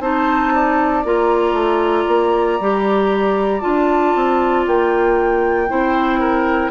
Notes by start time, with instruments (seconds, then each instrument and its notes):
0.00 bassoon C4, clarinet D#4, oboe C5, flute A5
0.53 oboe D5
1.04 bassoon A#3, clarinet F4, flute A#5
1.52 bassoon A3
2.07 bassoon A#3
2.59 bassoon G3, clarinet G4
3.61 bassoon D4, clarinet F4, flute A5
4.15 bassoon C4
4.66 bassoon A#3, flute G5
5.68 bassoon C4, clarinet E4, oboe C5
6.19 oboe A#4